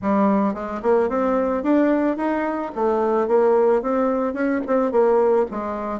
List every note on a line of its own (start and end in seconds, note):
0.01 0.53 G3
0.53 0.81 G#3
0.82 1.09 A#3
1.09 1.63 C4
1.63 2.17 D4
2.17 2.71 D#4
2.75 3.27 A3
3.27 3.82 A#3
3.82 4.33 C4
4.33 4.60 C#4
4.66 4.91 C4
4.91 5.46 A#3
5.50 6.00 G#3